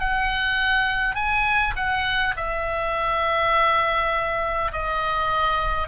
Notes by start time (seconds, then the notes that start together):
0.00 F#5
1.16 G#5
1.76 F#5
2.36 E5
4.73 D#5